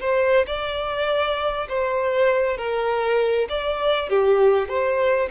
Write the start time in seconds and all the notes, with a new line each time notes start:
0.00 C5
0.46 D5
1.69 C5
2.57 A#4
3.49 D5
4.09 G4
4.68 C5